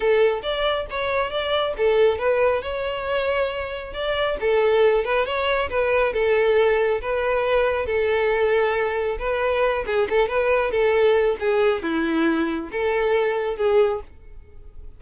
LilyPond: \new Staff \with { instrumentName = "violin" } { \time 4/4 \tempo 4 = 137 a'4 d''4 cis''4 d''4 | a'4 b'4 cis''2~ | cis''4 d''4 a'4. b'8 | cis''4 b'4 a'2 |
b'2 a'2~ | a'4 b'4. gis'8 a'8 b'8~ | b'8 a'4. gis'4 e'4~ | e'4 a'2 gis'4 | }